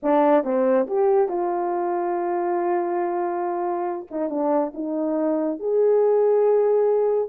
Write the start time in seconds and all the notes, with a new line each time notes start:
0.02 D4
0.43 C4
0.87 G4
1.28 F4
4.10 D#4
4.29 D4
4.74 D#4
5.59 G#4